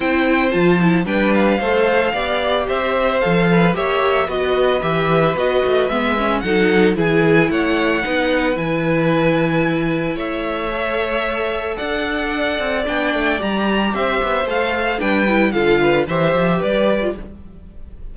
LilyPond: <<
  \new Staff \with { instrumentName = "violin" } { \time 4/4 \tempo 4 = 112 g''4 a''4 g''8 f''4.~ | f''4 e''4 f''4 e''4 | dis''4 e''4 dis''4 e''4 | fis''4 gis''4 fis''2 |
gis''2. e''4~ | e''2 fis''2 | g''4 ais''4 e''4 f''4 | g''4 f''4 e''4 d''4 | }
  \new Staff \with { instrumentName = "violin" } { \time 4/4 c''2 b'4 c''4 | d''4 c''4. b'8 cis''4 | b'1 | a'4 gis'4 cis''4 b'4~ |
b'2. cis''4~ | cis''2 d''2~ | d''2 c''2 | b'4 a'8 b'8 c''4 b'4 | }
  \new Staff \with { instrumentName = "viola" } { \time 4/4 e'4 f'8 e'8 d'4 a'4 | g'2 a'4 g'4 | fis'4 g'4 fis'4 b8 cis'8 | dis'4 e'2 dis'4 |
e'1 | a'1 | d'4 g'2 a'4 | d'8 e'8 f'4 g'4.~ g'16 f'16 | }
  \new Staff \with { instrumentName = "cello" } { \time 4/4 c'4 f4 g4 a4 | b4 c'4 f4 ais4 | b4 e4 b8 a8 gis4 | fis4 e4 a4 b4 |
e2. a4~ | a2 d'4. c'8 | b8 a8 g4 c'8 b8 a4 | g4 d4 e8 f8 g4 | }
>>